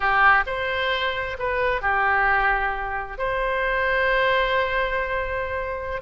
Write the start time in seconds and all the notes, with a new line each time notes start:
0.00 G4
0.46 C5
1.38 B4
1.81 G4
3.18 C5